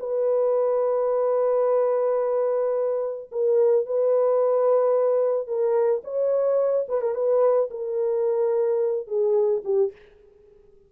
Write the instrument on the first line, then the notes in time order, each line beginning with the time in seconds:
horn
0.00 B4
3.32 A#4
3.86 B4
5.47 A#4
6.04 C#5
6.89 B4
7.01 A#4
7.15 B4
7.71 A#4
9.08 G#4
9.65 G4